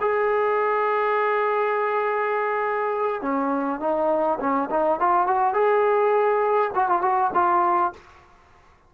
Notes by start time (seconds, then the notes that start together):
0.00 G#4
3.22 C#4
3.80 D#4
4.40 C#4
4.70 D#4
4.99 F4
5.26 F#4
5.53 G#4
6.75 F#4
6.89 F4
7.01 F#4
7.34 F4